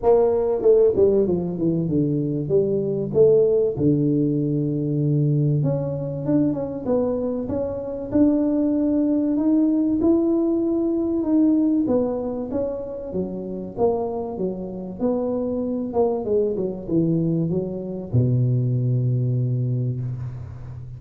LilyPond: \new Staff \with { instrumentName = "tuba" } { \time 4/4 \tempo 4 = 96 ais4 a8 g8 f8 e8 d4 | g4 a4 d2~ | d4 cis'4 d'8 cis'8 b4 | cis'4 d'2 dis'4 |
e'2 dis'4 b4 | cis'4 fis4 ais4 fis4 | b4. ais8 gis8 fis8 e4 | fis4 b,2. | }